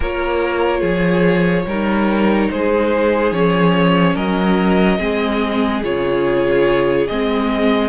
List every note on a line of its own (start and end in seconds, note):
0.00 0.82 A#3
0.00 1.67 F4
0.00 0.80 A#4
0.00 2.50 C#5
0.80 1.65 F3
0.80 1.63 G#4
1.65 2.48 G3
1.65 3.33 D#4
1.65 2.51 A#4
2.50 3.31 G#3
2.50 4.14 G#4
2.50 3.32 C5
3.31 4.15 F3
3.31 4.98 C#4
3.31 4.16 C#5
4.14 4.99 F#3
4.14 4.98 A#4
4.14 5.82 D#5
4.98 5.83 G#3
4.98 5.81 C4
4.98 7.88 G#4
5.83 7.08 C#3
5.83 7.08 F4
5.83 7.07 C#5
7.07 7.88 G#3
7.07 7.88 C4
7.07 7.88 D#5